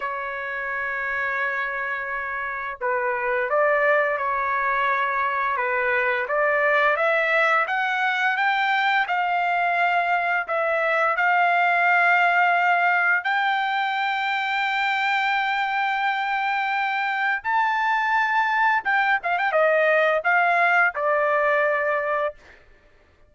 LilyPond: \new Staff \with { instrumentName = "trumpet" } { \time 4/4 \tempo 4 = 86 cis''1 | b'4 d''4 cis''2 | b'4 d''4 e''4 fis''4 | g''4 f''2 e''4 |
f''2. g''4~ | g''1~ | g''4 a''2 g''8 f''16 g''16 | dis''4 f''4 d''2 | }